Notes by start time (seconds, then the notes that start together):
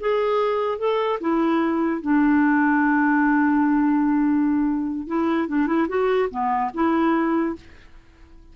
0.00 G#4
0.78 A4
1.20 E4
2.01 D4
5.07 E4
5.48 D4
5.67 E4
5.88 F#4
6.30 B3
6.74 E4